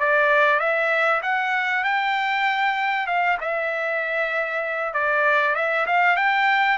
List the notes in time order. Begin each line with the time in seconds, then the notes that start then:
0.00 D5
0.60 E5
1.23 F#5
1.84 G5
3.07 F5
3.41 E5
4.94 D5
5.56 E5
5.87 F5
6.17 G5